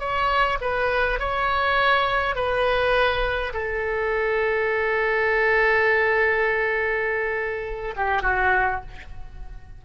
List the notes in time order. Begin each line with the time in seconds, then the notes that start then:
0.00 C#5
0.61 B4
1.20 C#5
2.36 B4
3.54 A4
7.97 G4
8.23 F#4